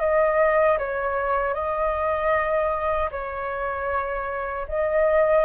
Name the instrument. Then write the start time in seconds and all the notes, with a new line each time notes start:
flute
0.00 D#5
0.78 C#5
1.54 D#5
3.11 C#5
4.68 D#5